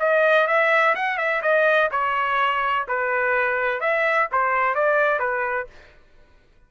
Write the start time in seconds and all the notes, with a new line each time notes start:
0.00 D#5
0.48 E5
0.96 F#5
1.18 E5
1.42 D#5
1.91 C#5
2.88 B4
3.81 E5
4.32 C5
4.75 D5
5.19 B4